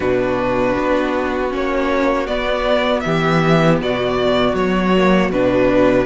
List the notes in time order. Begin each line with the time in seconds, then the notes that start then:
0.00 B2 D4 F#4 B4
0.78 B3
1.50 A#3 C#4 C#5
2.27 B3 D5
3.00 E3 G4 E5
3.81 B2 F#4 D5
4.53 F#3 C#5
4.96 A#3
5.30 B2 D4 B4